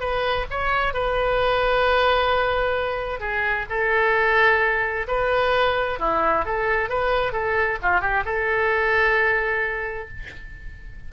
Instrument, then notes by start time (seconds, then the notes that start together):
oboe
0.00 B4
0.51 C#5
0.93 B4
3.20 G#4
3.70 A4
5.08 B4
5.99 E4
6.45 A4
6.89 B4
7.32 A4
7.82 F4
8.01 G4
8.25 A4